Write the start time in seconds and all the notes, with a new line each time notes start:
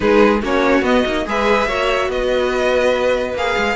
0.00 G#3 D#4 G#4 B4
0.42 A#3 C#4 F#4 C#5
0.81 B3 D#5
1.05 A#3 D#4
1.26 G#3 G#4 B4 E5
1.66 A#3 F#4 C#5
2.08 B3 B4 D#5
3.34 A#3 G#4 F5
3.57 G#3